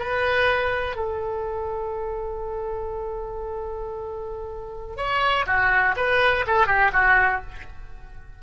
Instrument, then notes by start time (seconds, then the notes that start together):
oboe
0.00 B4
0.97 A4
4.97 C#5
5.47 F#4
5.97 B4
6.47 A4
6.67 G4
6.94 F#4